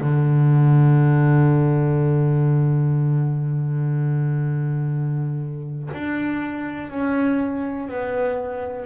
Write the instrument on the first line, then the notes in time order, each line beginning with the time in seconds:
double bass
0.00 D3
5.93 D4
6.90 C#4
7.88 B3